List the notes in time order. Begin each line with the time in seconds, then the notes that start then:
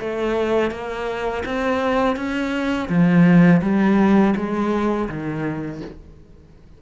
0.00 A3
0.71 A#3
1.46 C4
2.16 C#4
2.89 F3
3.62 G3
4.36 G#3
5.09 D#3